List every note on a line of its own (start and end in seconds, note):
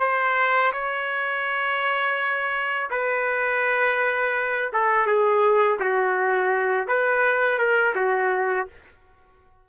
0.00 0.72 C5
0.73 2.89 C#5
2.90 4.71 B4
4.73 5.06 A4
5.06 5.79 G#4
5.80 6.88 F#4
6.88 7.58 B4
7.58 7.95 A#4
7.96 8.68 F#4